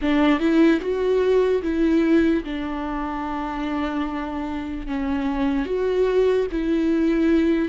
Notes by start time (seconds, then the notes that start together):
0.01 D4
0.39 E4
0.80 F#4
1.62 E4
2.44 D4
4.86 C#4
5.65 F#4
6.51 E4